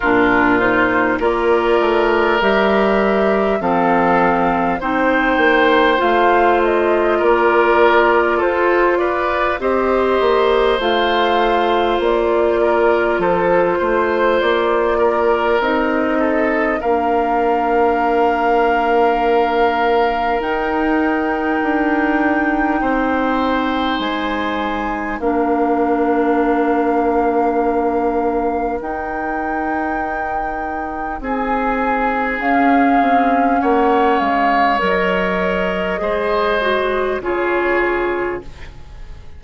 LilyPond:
<<
  \new Staff \with { instrumentName = "flute" } { \time 4/4 \tempo 4 = 50 ais'8 c''8 d''4 e''4 f''4 | g''4 f''8 dis''8 d''4 c''8 d''8 | dis''4 f''4 d''4 c''4 | d''4 dis''4 f''2~ |
f''4 g''2. | gis''4 f''2. | g''2 gis''4 f''4 | fis''8 f''8 dis''2 cis''4 | }
  \new Staff \with { instrumentName = "oboe" } { \time 4/4 f'4 ais'2 a'4 | c''2 ais'4 a'8 b'8 | c''2~ c''8 ais'8 a'8 c''8~ | c''8 ais'4 a'8 ais'2~ |
ais'2. c''4~ | c''4 ais'2.~ | ais'2 gis'2 | cis''2 c''4 gis'4 | }
  \new Staff \with { instrumentName = "clarinet" } { \time 4/4 d'8 dis'8 f'4 g'4 c'4 | dis'4 f'2. | g'4 f'2.~ | f'4 dis'4 d'2~ |
d'4 dis'2.~ | dis'4 d'2. | dis'2. cis'4~ | cis'4 ais'4 gis'8 fis'8 f'4 | }
  \new Staff \with { instrumentName = "bassoon" } { \time 4/4 ais,4 ais8 a8 g4 f4 | c'8 ais8 a4 ais4 f'4 | c'8 ais8 a4 ais4 f8 a8 | ais4 c'4 ais2~ |
ais4 dis'4 d'4 c'4 | gis4 ais2. | dis'2 c'4 cis'8 c'8 | ais8 gis8 fis4 gis4 cis4 | }
>>